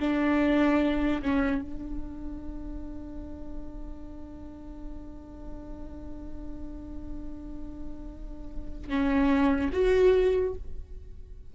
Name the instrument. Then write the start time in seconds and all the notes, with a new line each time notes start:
viola
0.00 D4
1.22 C#4
1.61 D4
8.89 C#4
9.73 F#4